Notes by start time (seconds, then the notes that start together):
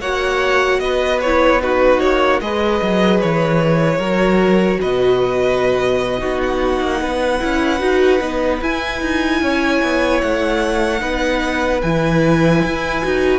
0.00 A#3 F#4 C#5 F#5
0.79 B3 B4 D#5
1.21 E4 C#5
1.61 D#4 F#4 B4
2.00 A#3 C#5
2.40 G#3 G#4 B4 D#5
2.82 F#3
3.21 E3 C#5
3.98 F#3 F#4 A#4
4.81 B2 B4 D#5
6.18 B3 D#4 F#4
6.42 F#5
6.80 A#3
7.01 B3 B4
7.40 C#4 E4
7.79 D#4 F#4
8.20 B3 D#4
8.61 E4 G#5
9.01 D#4
9.41 C#4 C#5
9.82 B3
10.21 A3 F#5
10.99 B3 D#4 B4
11.81 E3 E4 G#5
12.64 E4
13.02 D#4 F#4